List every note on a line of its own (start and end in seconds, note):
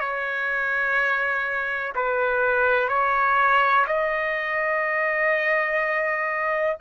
0.00 1.94 C#5
1.95 2.89 B4
2.89 3.86 C#5
3.88 6.78 D#5